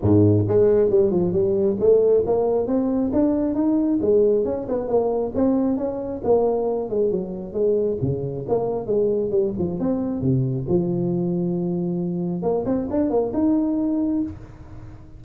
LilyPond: \new Staff \with { instrumentName = "tuba" } { \time 4/4 \tempo 4 = 135 gis,4 gis4 g8 f8 g4 | a4 ais4 c'4 d'4 | dis'4 gis4 cis'8 b8 ais4 | c'4 cis'4 ais4. gis8 |
fis4 gis4 cis4 ais4 | gis4 g8 f8 c'4 c4 | f1 | ais8 c'8 d'8 ais8 dis'2 | }